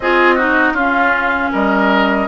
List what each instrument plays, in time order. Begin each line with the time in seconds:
0.00 bassoon C4, clarinet F4, oboe G#4, flute D#5
0.35 clarinet D#4, oboe F#4
0.72 bassoon C#4, clarinet C#4, oboe F4, flute F5
1.52 bassoon G3, oboe A#4, flute D#5